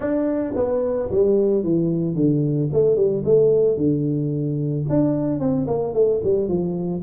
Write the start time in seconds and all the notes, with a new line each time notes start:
0.00 D4
0.55 B3
1.11 G3
1.63 E3
2.15 D3
2.72 A3
2.96 G3
3.24 A3
3.77 D3
4.89 D4
5.39 C4
5.67 A#3
5.93 A3
6.23 G3
6.48 F3